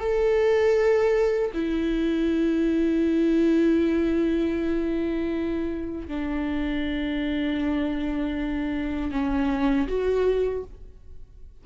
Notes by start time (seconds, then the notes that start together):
0.00 A4
1.54 E4
6.08 D4
9.12 C#4
9.88 F#4